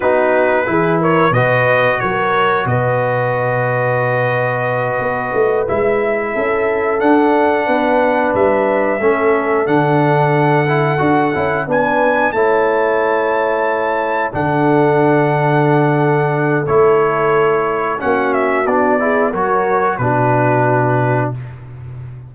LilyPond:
<<
  \new Staff \with { instrumentName = "trumpet" } { \time 4/4 \tempo 4 = 90 b'4. cis''8 dis''4 cis''4 | dis''1~ | dis''8 e''2 fis''4.~ | fis''8 e''2 fis''4.~ |
fis''4. gis''4 a''4.~ | a''4. fis''2~ fis''8~ | fis''4 cis''2 fis''8 e''8 | d''4 cis''4 b'2 | }
  \new Staff \with { instrumentName = "horn" } { \time 4/4 fis'4 gis'8 ais'8 b'4 ais'4 | b'1~ | b'4. a'2 b'8~ | b'4. a'2~ a'8~ |
a'4. b'4 cis''4.~ | cis''4. a'2~ a'8~ | a'2. fis'4~ | fis'8 gis'8 ais'4 fis'2 | }
  \new Staff \with { instrumentName = "trombone" } { \time 4/4 dis'4 e'4 fis'2~ | fis'1~ | fis'8 e'2 d'4.~ | d'4. cis'4 d'4. |
e'8 fis'8 e'8 d'4 e'4.~ | e'4. d'2~ d'8~ | d'4 e'2 cis'4 | d'8 e'8 fis'4 d'2 | }
  \new Staff \with { instrumentName = "tuba" } { \time 4/4 b4 e4 b,4 fis4 | b,2.~ b,8 b8 | a8 gis4 cis'4 d'4 b8~ | b8 g4 a4 d4.~ |
d8 d'8 cis'8 b4 a4.~ | a4. d2~ d8~ | d4 a2 ais4 | b4 fis4 b,2 | }
>>